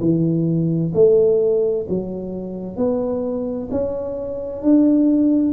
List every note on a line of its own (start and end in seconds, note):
0.00 0.92 E3
0.94 1.86 A3
1.88 2.76 F#3
2.76 3.68 B3
3.70 4.62 C#4
4.62 5.53 D4